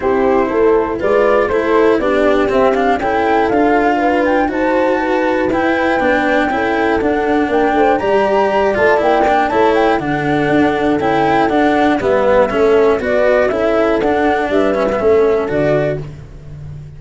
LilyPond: <<
  \new Staff \with { instrumentName = "flute" } { \time 4/4 \tempo 4 = 120 c''2 d''4 c''4 | d''4 e''8 f''8 g''4 f''4~ | f''8 g''8 a''2 g''4~ | g''2 fis''4 g''4 |
ais''4. a''8 g''4 a''8 g''8 | fis''2 g''4 fis''4 | e''2 d''4 e''4 | fis''4 e''2 d''4 | }
  \new Staff \with { instrumentName = "horn" } { \time 4/4 g'4 a'4 b'4 a'4 | g'2 a'2 | b'4 c''4 b'2~ | b'4 a'2 ais'8 c''8 |
d''2. cis''4 | a'1 | b'4 a'4 b'4 a'4~ | a'4 b'4 a'2 | }
  \new Staff \with { instrumentName = "cello" } { \time 4/4 e'2 f'4 e'4 | d'4 c'8 d'8 e'4 f'4~ | f'4 fis'2 e'4 | d'4 e'4 d'2 |
g'4. f'8 e'8 d'8 e'4 | d'2 e'4 d'4 | b4 cis'4 fis'4 e'4 | d'4. cis'16 b16 cis'4 fis'4 | }
  \new Staff \with { instrumentName = "tuba" } { \time 4/4 c'4 a4 gis4 a4 | b4 c'4 cis'4 d'4~ | d'4 dis'2 e'4 | b4 cis'4 d'4 ais8 a8 |
g4. a8 ais4 a4 | d4 d'4 cis'4 d'4 | g4 a4 b4 cis'4 | d'4 g4 a4 d4 | }
>>